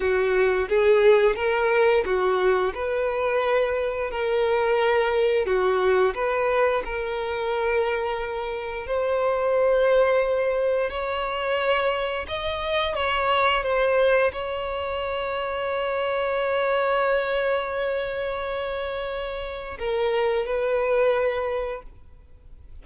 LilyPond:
\new Staff \with { instrumentName = "violin" } { \time 4/4 \tempo 4 = 88 fis'4 gis'4 ais'4 fis'4 | b'2 ais'2 | fis'4 b'4 ais'2~ | ais'4 c''2. |
cis''2 dis''4 cis''4 | c''4 cis''2.~ | cis''1~ | cis''4 ais'4 b'2 | }